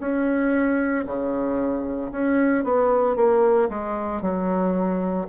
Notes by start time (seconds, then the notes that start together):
0.00 C#4
1.06 C#3
2.11 C#4
2.64 B3
3.16 A#3
3.69 G#3
4.22 F#3